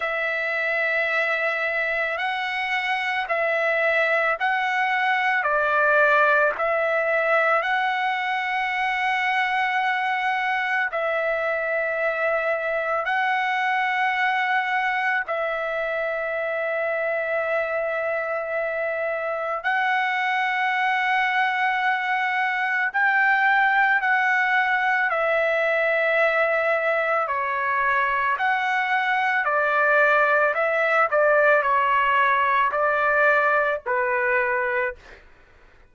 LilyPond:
\new Staff \with { instrumentName = "trumpet" } { \time 4/4 \tempo 4 = 55 e''2 fis''4 e''4 | fis''4 d''4 e''4 fis''4~ | fis''2 e''2 | fis''2 e''2~ |
e''2 fis''2~ | fis''4 g''4 fis''4 e''4~ | e''4 cis''4 fis''4 d''4 | e''8 d''8 cis''4 d''4 b'4 | }